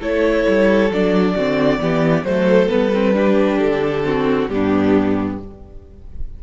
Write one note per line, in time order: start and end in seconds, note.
0.00 0.46 A3
0.00 0.91 E4
0.00 1.34 A4
0.00 0.92 C#5
0.46 0.90 G3
0.90 1.35 F#3
0.90 1.37 D4
0.90 2.24 D5
1.34 1.79 D3
1.34 1.79 C4
1.34 1.79 F#4
1.79 2.23 E3
1.79 2.24 B3
1.79 2.26 G4
2.23 2.68 F#3
2.23 2.68 A3
2.23 3.16 A4
2.23 2.69 C5
2.68 3.60 G3
2.68 2.91 B3
2.68 3.58 B4
2.93 3.13 C4
3.13 4.03 D4
3.13 4.05 G4
3.58 4.48 D3
3.58 4.47 A4
4.04 4.49 C4
4.04 4.50 F#4
4.48 5.38 G2
4.48 5.40 B3
4.48 5.43 D4
4.48 5.38 G4